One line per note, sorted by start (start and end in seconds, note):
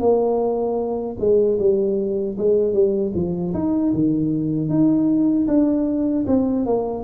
0.00 1.17 A#3
1.20 1.59 G#3
1.59 2.37 G3
2.38 2.73 G#3
2.73 3.13 G3
3.15 3.53 F3
3.54 3.93 D#4
3.94 4.69 D#3
4.69 5.47 D#4
5.48 6.26 D4
6.27 6.66 C4
6.66 7.04 A#3